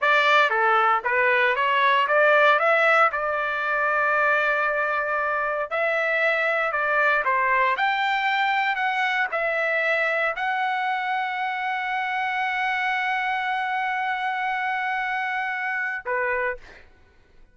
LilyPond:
\new Staff \with { instrumentName = "trumpet" } { \time 4/4 \tempo 4 = 116 d''4 a'4 b'4 cis''4 | d''4 e''4 d''2~ | d''2. e''4~ | e''4 d''4 c''4 g''4~ |
g''4 fis''4 e''2 | fis''1~ | fis''1~ | fis''2. b'4 | }